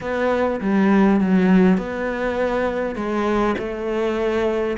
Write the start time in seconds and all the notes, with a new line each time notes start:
0.01 B3
0.60 G3
1.20 F#3
1.77 B3
2.95 G#3
3.58 A3